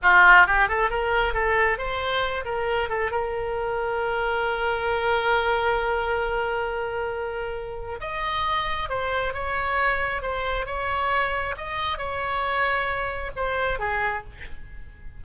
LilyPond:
\new Staff \with { instrumentName = "oboe" } { \time 4/4 \tempo 4 = 135 f'4 g'8 a'8 ais'4 a'4 | c''4. ais'4 a'8 ais'4~ | ais'1~ | ais'1~ |
ais'2 dis''2 | c''4 cis''2 c''4 | cis''2 dis''4 cis''4~ | cis''2 c''4 gis'4 | }